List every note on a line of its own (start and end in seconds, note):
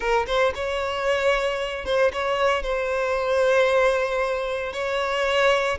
0.00 0.26 A#4
0.26 0.53 C5
0.55 1.85 C#5
1.85 2.11 C5
2.12 2.62 C#5
2.62 4.72 C5
4.72 5.78 C#5